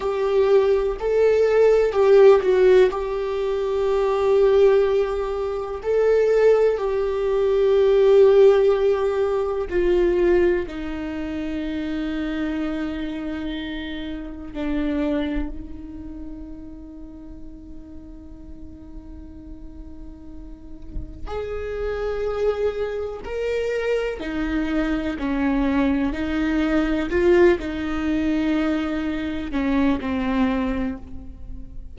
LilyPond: \new Staff \with { instrumentName = "viola" } { \time 4/4 \tempo 4 = 62 g'4 a'4 g'8 fis'8 g'4~ | g'2 a'4 g'4~ | g'2 f'4 dis'4~ | dis'2. d'4 |
dis'1~ | dis'2 gis'2 | ais'4 dis'4 cis'4 dis'4 | f'8 dis'2 cis'8 c'4 | }